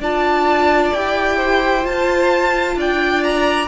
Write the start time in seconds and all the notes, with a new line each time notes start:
0.00 D4 F4 D5 A5
0.94 E4 G4 G5
1.37 C5
1.83 F4 A5
2.76 D4 D5 G5
3.24 A#5